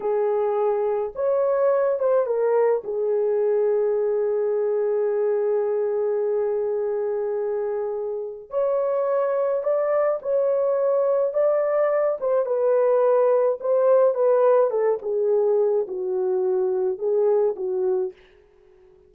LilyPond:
\new Staff \with { instrumentName = "horn" } { \time 4/4 \tempo 4 = 106 gis'2 cis''4. c''8 | ais'4 gis'2.~ | gis'1~ | gis'2. cis''4~ |
cis''4 d''4 cis''2 | d''4. c''8 b'2 | c''4 b'4 a'8 gis'4. | fis'2 gis'4 fis'4 | }